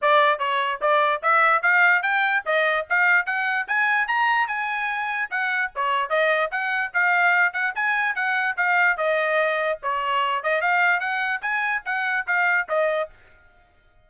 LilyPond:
\new Staff \with { instrumentName = "trumpet" } { \time 4/4 \tempo 4 = 147 d''4 cis''4 d''4 e''4 | f''4 g''4 dis''4 f''4 | fis''4 gis''4 ais''4 gis''4~ | gis''4 fis''4 cis''4 dis''4 |
fis''4 f''4. fis''8 gis''4 | fis''4 f''4 dis''2 | cis''4. dis''8 f''4 fis''4 | gis''4 fis''4 f''4 dis''4 | }